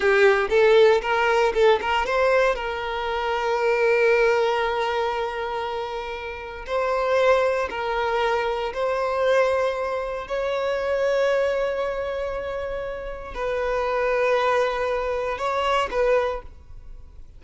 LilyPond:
\new Staff \with { instrumentName = "violin" } { \time 4/4 \tempo 4 = 117 g'4 a'4 ais'4 a'8 ais'8 | c''4 ais'2.~ | ais'1~ | ais'4 c''2 ais'4~ |
ais'4 c''2. | cis''1~ | cis''2 b'2~ | b'2 cis''4 b'4 | }